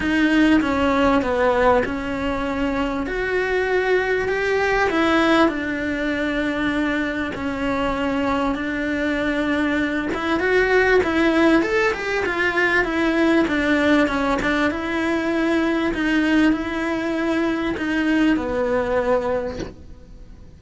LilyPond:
\new Staff \with { instrumentName = "cello" } { \time 4/4 \tempo 4 = 98 dis'4 cis'4 b4 cis'4~ | cis'4 fis'2 g'4 | e'4 d'2. | cis'2 d'2~ |
d'8 e'8 fis'4 e'4 a'8 g'8 | f'4 e'4 d'4 cis'8 d'8 | e'2 dis'4 e'4~ | e'4 dis'4 b2 | }